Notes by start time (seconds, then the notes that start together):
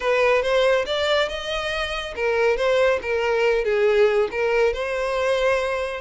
0.00 B4
0.42 C5
0.86 D5
1.29 D#5
2.15 A#4
2.57 C5
3.01 A#4
3.64 G#4
4.31 A#4
4.73 C5